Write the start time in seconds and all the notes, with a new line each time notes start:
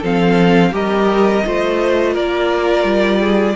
0.00 F3 C4 A4 F5
0.72 G3 G4 A#4 D#5
1.45 A3 F4 C5
2.14 A#3 A#4 D5
2.84 G3
3.21 G#4